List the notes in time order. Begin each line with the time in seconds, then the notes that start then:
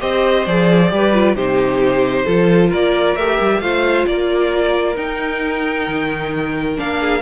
0.00 C4 G4 C5 D#5
0.45 F3 G#4 D5
0.88 G3 G4
0.95 B4
1.13 F4
1.35 C3 D#4 G4 C5
2.25 F3 F4 A4
2.69 A#3 A#4 D5
3.15 A3 G4 E5
3.40 G3
3.60 A3 F4 C5 F5
4.06 A#3 A#4 D5
4.95 D#4 G5
5.87 D#3
6.76 A#3 D4 F5
7.00 G#4